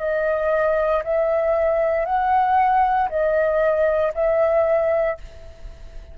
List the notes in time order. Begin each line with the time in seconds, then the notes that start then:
0.00 D#5
1.04 E5
2.06 F#5
3.10 D#5
4.15 E5